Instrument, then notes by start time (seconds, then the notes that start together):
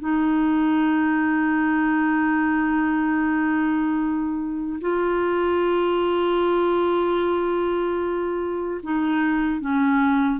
clarinet
0.00 D#4
4.81 F4
8.83 D#4
9.60 C#4